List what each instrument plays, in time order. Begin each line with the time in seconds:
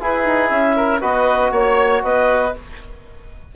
0.00 trombone E4, bassoon E4, oboe G#4, clarinet B4
0.25 bassoon D#4
0.49 bassoon C#4, clarinet E5
0.76 oboe A#4
1.01 bassoon B3, trombone F#4, oboe B4, clarinet D#5
1.51 bassoon A#3, oboe C#5, clarinet C#5
2.04 bassoon B3, oboe B4, clarinet D#5